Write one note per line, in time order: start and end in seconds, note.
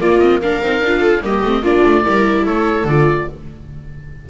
0.00 0.20 A#3
0.00 0.62 A#3
0.00 0.41 F4
0.00 0.19 D5
0.19 0.42 C4
0.19 0.39 D#5
0.42 0.63 D4
0.42 1.00 A#4
0.42 1.23 F5
0.62 0.82 C4
0.62 0.84 D#4
0.82 1.22 D4
0.82 1.23 F4
1.00 1.20 A4
1.22 1.42 G3
1.22 1.44 A#3
1.22 1.62 G4
1.22 1.65 D#5
1.43 1.62 A3
1.43 1.64 C4
1.62 1.82 A#3
1.62 2.04 D4
1.62 2.03 F4
1.62 2.46 D5
1.85 2.05 A3
2.04 2.46 G3
2.04 2.85 E4
2.04 2.45 A#4
2.45 2.84 A3
2.45 3.27 A4
2.45 2.87 C#5
2.84 3.25 D3
2.84 3.30 F4
2.84 3.29 D5